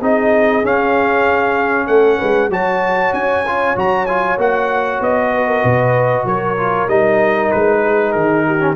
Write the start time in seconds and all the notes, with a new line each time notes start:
0.00 C4 D#4 G#4 D#5
0.63 C#4 F5
1.87 A3 A4 F#5
2.17 G#3 B4
2.49 F#3 F#4 C#5 A5
3.13 C#4 G#5
3.47 F4
3.75 F#3 F#4 A#5
4.06 F4 G#5
4.37 A#3 F#4 F#5
5.00 B3 D#5
5.33 B4
5.48 A#4
5.62 B2 B4
6.25 F#3 A#4 C#5
6.57 F4
6.87 G3 D#4 D#5
7.51 G#3 B4
7.84 G#4
8.12 D#3 A#4
8.46 G4
8.59 C#4